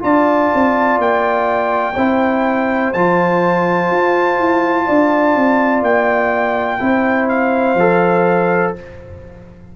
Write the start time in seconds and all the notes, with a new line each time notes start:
0.00 D4 F4 D5 A5
0.55 C4
0.99 A#3 G5
1.94 C4 E4 C5
2.93 F3 F4 A5
3.91 F4
4.40 E4
4.86 D4 D5
5.35 C4
5.82 A#3 G5
6.80 C4 E4 C5
7.29 F5
7.75 F3 A4